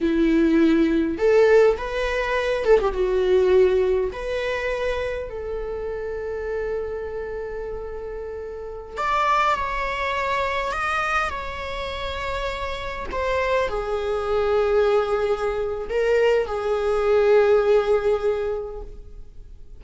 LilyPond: \new Staff \with { instrumentName = "viola" } { \time 4/4 \tempo 4 = 102 e'2 a'4 b'4~ | b'8 a'16 g'16 fis'2 b'4~ | b'4 a'2.~ | a'2.~ a'16 d''8.~ |
d''16 cis''2 dis''4 cis''8.~ | cis''2~ cis''16 c''4 gis'8.~ | gis'2. ais'4 | gis'1 | }